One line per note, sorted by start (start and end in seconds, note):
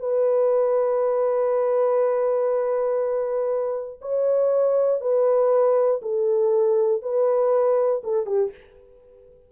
0.00 4.00 B4
4.02 5.01 C#5
5.01 6.01 B4
6.02 7.02 A4
7.02 8.02 B4
8.04 8.26 A4
8.26 8.51 G4